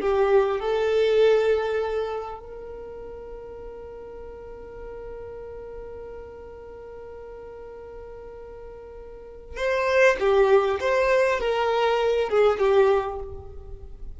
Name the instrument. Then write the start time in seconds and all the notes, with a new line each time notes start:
violin
0.00 G4
0.60 A4
2.39 A#4
9.56 C5
10.19 G4
10.80 C5
11.39 A#4
12.29 G#4
12.59 G4